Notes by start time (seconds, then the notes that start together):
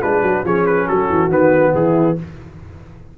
0.00 G#3 D4 F4 B4
0.22 F#3 F#4
0.44 F3 C#4 G#4 C#5
0.66 B4
0.86 F#3 F#4 A4
1.10 E3
1.29 D#3 B3 B4
1.74 E3 E4 G#4